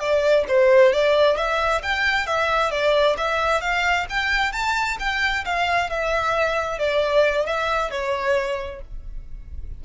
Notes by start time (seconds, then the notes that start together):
0.00 D5
0.48 C5
0.93 D5
1.37 E5
1.83 G5
2.27 E5
2.71 D5
3.18 E5
3.61 F5
4.10 G5
4.53 A5
5.00 G5
5.45 F5
5.90 E5
6.79 D5
7.47 E5
7.91 C#5